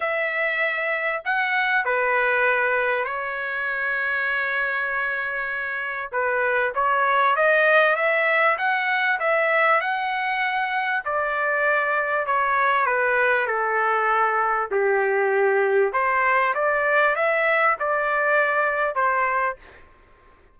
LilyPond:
\new Staff \with { instrumentName = "trumpet" } { \time 4/4 \tempo 4 = 98 e''2 fis''4 b'4~ | b'4 cis''2.~ | cis''2 b'4 cis''4 | dis''4 e''4 fis''4 e''4 |
fis''2 d''2 | cis''4 b'4 a'2 | g'2 c''4 d''4 | e''4 d''2 c''4 | }